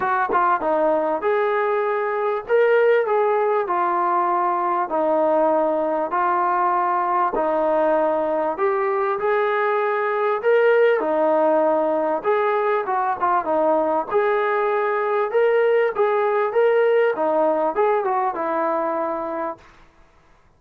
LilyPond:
\new Staff \with { instrumentName = "trombone" } { \time 4/4 \tempo 4 = 98 fis'8 f'8 dis'4 gis'2 | ais'4 gis'4 f'2 | dis'2 f'2 | dis'2 g'4 gis'4~ |
gis'4 ais'4 dis'2 | gis'4 fis'8 f'8 dis'4 gis'4~ | gis'4 ais'4 gis'4 ais'4 | dis'4 gis'8 fis'8 e'2 | }